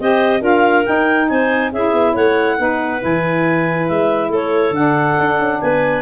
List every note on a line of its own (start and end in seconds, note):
0.00 0.41 C4
0.00 0.40 G4
0.00 0.41 C5
0.00 0.43 D#5
0.40 0.84 D4
0.40 0.84 F4
0.40 1.28 A#4
0.40 0.86 F5
0.86 1.72 D#4
0.86 1.30 D#4
0.86 1.29 G5
1.29 1.72 C4
1.29 1.72 C5
1.29 1.72 G#5
1.72 1.93 C#4
1.72 2.58 E4
1.72 2.13 G#4
1.72 2.16 E5
1.93 2.15 B3
2.13 2.59 A3
2.13 2.57 C#5
2.13 3.02 F#5
2.58 3.02 B3
2.58 3.00 D#4
2.58 4.29 B4
3.00 3.90 E3
3.00 4.72 E4
3.00 3.88 G#5
3.88 4.30 G#3
3.88 4.31 E5
4.29 4.71 A3
4.29 5.59 A4
4.29 4.75 C#5
4.71 5.14 D3
4.71 6.02 D4
4.71 5.61 F#5
5.19 5.39 D4
5.39 5.60 C#4
5.61 6.02 B3
5.61 6.02 B4
5.61 6.02 G#5